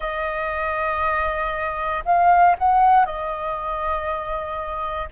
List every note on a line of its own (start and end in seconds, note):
0.00 2.03 D#5
2.05 2.56 F5
2.58 3.05 F#5
3.05 5.08 D#5